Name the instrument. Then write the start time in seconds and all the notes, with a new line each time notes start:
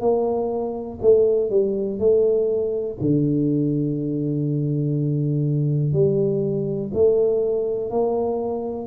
tuba
0.00 A#3
1.01 A3
1.50 G3
1.99 A3
3.00 D3
5.93 G3
6.93 A3
7.90 A#3